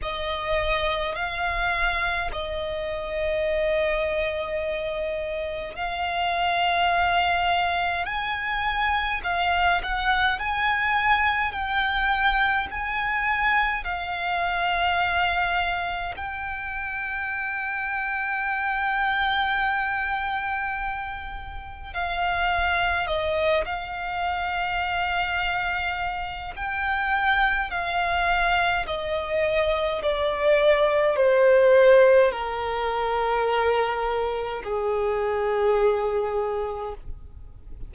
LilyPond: \new Staff \with { instrumentName = "violin" } { \time 4/4 \tempo 4 = 52 dis''4 f''4 dis''2~ | dis''4 f''2 gis''4 | f''8 fis''8 gis''4 g''4 gis''4 | f''2 g''2~ |
g''2. f''4 | dis''8 f''2~ f''8 g''4 | f''4 dis''4 d''4 c''4 | ais'2 gis'2 | }